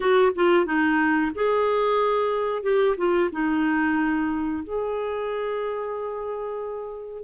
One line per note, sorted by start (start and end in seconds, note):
0.00 0.32 F#4
0.35 0.65 F4
0.65 1.31 D#4
1.34 2.63 G#4
2.63 2.96 G4
2.97 3.30 F4
3.31 4.63 D#4
4.63 7.23 G#4